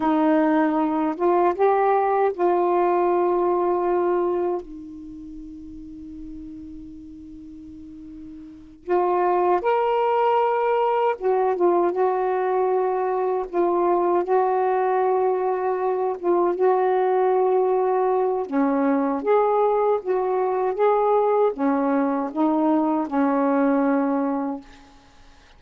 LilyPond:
\new Staff \with { instrumentName = "saxophone" } { \time 4/4 \tempo 4 = 78 dis'4. f'8 g'4 f'4~ | f'2 dis'2~ | dis'2.~ dis'8 f'8~ | f'8 ais'2 fis'8 f'8 fis'8~ |
fis'4. f'4 fis'4.~ | fis'4 f'8 fis'2~ fis'8 | cis'4 gis'4 fis'4 gis'4 | cis'4 dis'4 cis'2 | }